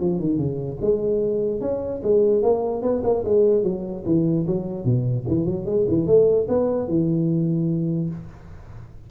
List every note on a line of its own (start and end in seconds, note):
0.00 0.20 F3
0.20 0.37 D#3
0.37 0.78 C#3
0.81 1.61 G#3
1.61 2.01 C#4
2.03 2.42 G#3
2.42 2.82 A#3
2.82 3.02 B3
3.04 3.24 A#3
3.24 3.64 G#3
3.64 4.04 F#3
4.06 4.46 E3
4.47 4.85 F#3
4.85 5.26 B2
5.28 5.46 E3
5.46 5.66 F#3
5.66 5.86 G#3
5.88 6.07 E3
6.07 6.48 A3
6.48 6.88 B3
6.88 8.10 E3